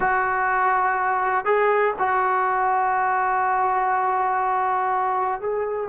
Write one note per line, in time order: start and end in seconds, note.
0.00 1.45 F#4
1.45 1.94 G#4
1.98 5.41 F#4
5.41 5.89 G#4